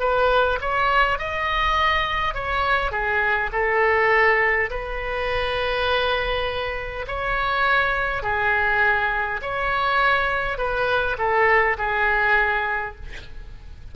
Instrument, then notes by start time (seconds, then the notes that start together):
oboe
0.00 B4
0.61 C#5
1.19 D#5
2.34 C#5
2.91 G#4
3.52 A4
4.71 B4
7.07 C#5
8.23 G#4
9.42 C#5
10.58 B4
11.18 A4
11.78 G#4